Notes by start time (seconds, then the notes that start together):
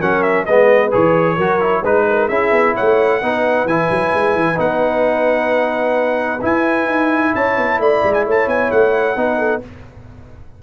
0.00 F#3 C#4 A#4 F#5
0.23 E5
0.46 G#3 B3 B4 D#5
0.92 E3 G#4 C#5
1.37 F#3 F#4 A#4
1.61 E4
1.84 G#3 D#4 B4
2.10 A#4
2.29 C#4 E4 G#4 E5
2.52 B3
2.75 A3 C#5 F#5
3.23 B3 D#4 B4
3.65 E3 E4 G#5
3.91 F#3
4.15 G#3
4.35 E3
4.56 B3 D#4 F#5
6.42 E4 G#5
6.86 D#4
7.35 C#4 C#5 A5
7.57 B3
7.79 A3 D5 B5
8.04 G#3
8.14 G#5
8.27 A3 C#5 A5
8.47 B3 G#5
8.72 A3 F#5
9.17 B3 D#4 B4
9.39 A4